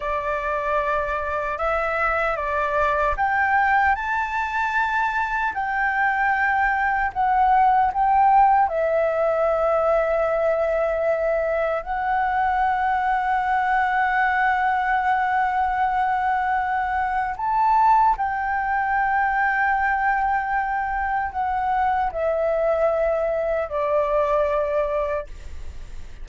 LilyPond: \new Staff \with { instrumentName = "flute" } { \time 4/4 \tempo 4 = 76 d''2 e''4 d''4 | g''4 a''2 g''4~ | g''4 fis''4 g''4 e''4~ | e''2. fis''4~ |
fis''1~ | fis''2 a''4 g''4~ | g''2. fis''4 | e''2 d''2 | }